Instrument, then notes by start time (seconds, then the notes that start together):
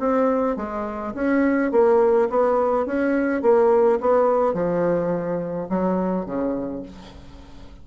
bassoon
0.00 C4
0.57 G#3
1.15 C#4
1.72 A#3
2.30 B3
2.86 C#4
3.43 A#3
4.01 B3
4.54 F3
5.70 F#3
6.26 C#3